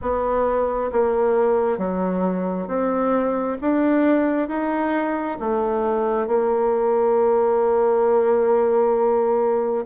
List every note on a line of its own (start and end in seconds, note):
0.01 0.91 B3
0.92 1.78 A#3
1.78 2.67 F#3
2.67 3.57 C4
3.61 4.48 D4
4.48 5.37 D#4
5.40 6.27 A3
6.27 9.85 A#3